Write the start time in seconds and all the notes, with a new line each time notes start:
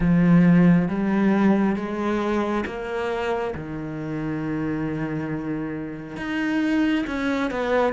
0.00 F3
0.88 G3
1.76 G#3
2.66 A#3
3.54 D#3
6.16 D#4
7.06 C#4
7.50 B3